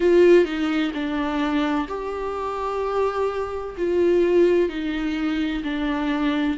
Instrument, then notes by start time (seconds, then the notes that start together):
viola
0.00 F4
0.44 D#4
0.94 D4
1.87 G4
3.77 F4
4.69 D#4
5.63 D4